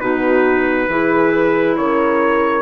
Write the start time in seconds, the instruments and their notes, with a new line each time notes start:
0.00 bassoon B2, clarinet D#4, horn F#4, trumpet B4
0.88 bassoon E3, clarinet E4, horn G#4
1.77 bassoon C#3, horn A#4, trumpet C#5